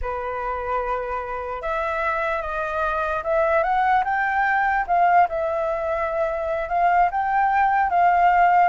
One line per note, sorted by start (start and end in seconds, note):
0.01 1.62 B4
1.62 2.41 E5
2.41 3.22 D#5
3.23 3.63 E5
3.63 4.03 F#5
4.04 4.85 G5
4.86 5.27 F5
5.29 6.69 E5
6.69 7.09 F5
7.11 7.90 G5
7.90 8.69 F5